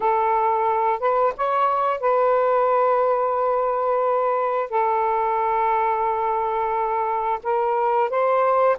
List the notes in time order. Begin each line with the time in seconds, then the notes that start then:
0.00 A4
0.99 B4
1.36 C#5
2.00 B4
4.70 A4
7.43 A#4
8.09 C5